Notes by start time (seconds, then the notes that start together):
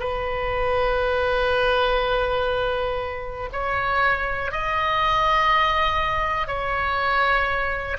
0.00 B4
3.52 C#5
4.52 D#5
6.47 C#5